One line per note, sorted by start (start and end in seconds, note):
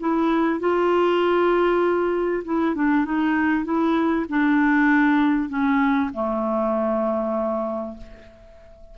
0.00 0.60 E4
0.60 2.44 F4
2.45 2.75 E4
2.75 3.05 D4
3.05 3.65 D#4
3.65 4.26 E4
4.29 5.49 D4
5.49 6.11 C#4
6.14 7.98 A3